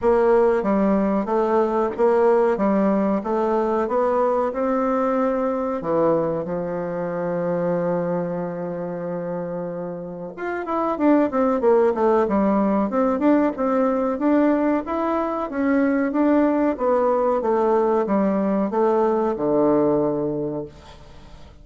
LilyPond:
\new Staff \with { instrumentName = "bassoon" } { \time 4/4 \tempo 4 = 93 ais4 g4 a4 ais4 | g4 a4 b4 c'4~ | c'4 e4 f2~ | f1 |
f'8 e'8 d'8 c'8 ais8 a8 g4 | c'8 d'8 c'4 d'4 e'4 | cis'4 d'4 b4 a4 | g4 a4 d2 | }